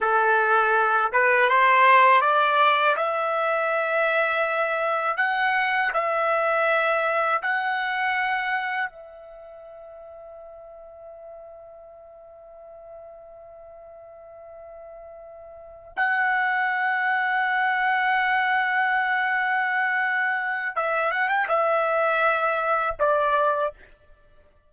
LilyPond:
\new Staff \with { instrumentName = "trumpet" } { \time 4/4 \tempo 4 = 81 a'4. b'8 c''4 d''4 | e''2. fis''4 | e''2 fis''2 | e''1~ |
e''1~ | e''4. fis''2~ fis''8~ | fis''1 | e''8 fis''16 g''16 e''2 d''4 | }